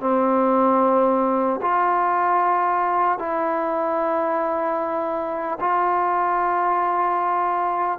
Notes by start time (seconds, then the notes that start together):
0.00 C4
1.61 F4
3.18 E4
5.60 F4